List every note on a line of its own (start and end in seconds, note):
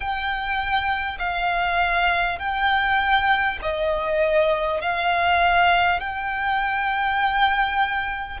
0.00 1.18 G5
1.18 2.38 F5
2.38 3.58 G5
3.62 4.81 D#5
4.81 5.99 F5
5.99 8.39 G5